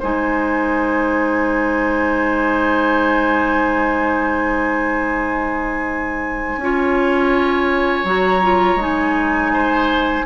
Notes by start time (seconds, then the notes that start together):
0.00 G#3 D#4 C5 G#5
6.57 C#4 F4
6.64 C#5
8.05 F#3 F#4 A#5
8.43 F4
8.76 G#3 D#4
8.82 G#5
9.53 C5